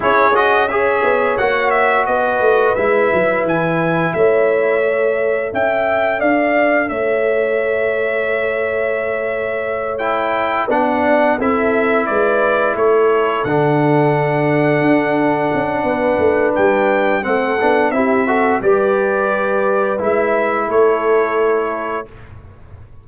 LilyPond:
<<
  \new Staff \with { instrumentName = "trumpet" } { \time 4/4 \tempo 4 = 87 cis''8 dis''8 e''4 fis''8 e''8 dis''4 | e''4 gis''4 e''2 | g''4 f''4 e''2~ | e''2~ e''8 g''4 fis''8~ |
fis''8 e''4 d''4 cis''4 fis''8~ | fis''1 | g''4 fis''4 e''4 d''4~ | d''4 e''4 cis''2 | }
  \new Staff \with { instrumentName = "horn" } { \time 4/4 gis'4 cis''2 b'4~ | b'2 cis''2 | e''4 d''4 cis''2~ | cis''2.~ cis''8 d''8~ |
d''8 a'4 b'4 a'4.~ | a'2. b'4~ | b'4 a'4 g'8 a'8 b'4~ | b'2 a'2 | }
  \new Staff \with { instrumentName = "trombone" } { \time 4/4 e'8 fis'8 gis'4 fis'2 | e'2. a'4~ | a'1~ | a'2~ a'8 e'4 d'8~ |
d'8 e'2. d'8~ | d'1~ | d'4 c'8 d'8 e'8 fis'8 g'4~ | g'4 e'2. | }
  \new Staff \with { instrumentName = "tuba" } { \time 4/4 cis'4. b8 ais4 b8 a8 | gis8 fis8 e4 a2 | cis'4 d'4 a2~ | a2.~ a8 b8~ |
b8 c'4 gis4 a4 d8~ | d4. d'4 cis'8 b8 a8 | g4 a8 b8 c'4 g4~ | g4 gis4 a2 | }
>>